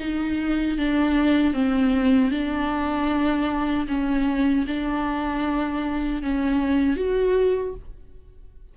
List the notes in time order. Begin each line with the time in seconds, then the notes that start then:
0.00 D#4
0.78 D4
1.54 C4
2.31 D4
3.88 C#4
4.67 D4
6.22 C#4
6.96 F#4